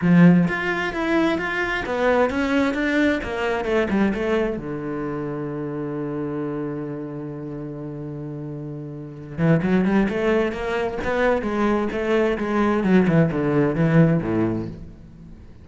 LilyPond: \new Staff \with { instrumentName = "cello" } { \time 4/4 \tempo 4 = 131 f4 f'4 e'4 f'4 | b4 cis'4 d'4 ais4 | a8 g8 a4 d2~ | d1~ |
d1~ | d8 e8 fis8 g8 a4 ais4 | b4 gis4 a4 gis4 | fis8 e8 d4 e4 a,4 | }